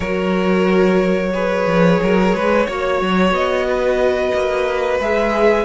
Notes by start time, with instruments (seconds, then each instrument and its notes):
0.00 cello F#3, viola F#4, violin A#4 C#5
1.32 viola G#4, violin B4
1.67 cello F3
2.02 cello F#3, violin A#4
2.34 cello G#3, violin B4
2.66 cello A#3, viola F#4, violin C#5
3.01 cello F#3
3.31 cello B3, violin D#5
3.67 violin B4
4.34 cello A#3
4.99 cello G#3, viola G#4, violin E5